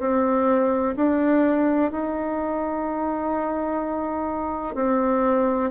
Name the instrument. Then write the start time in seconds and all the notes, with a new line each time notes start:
bassoon
0.00 C4
0.96 D4
1.91 D#4
4.75 C4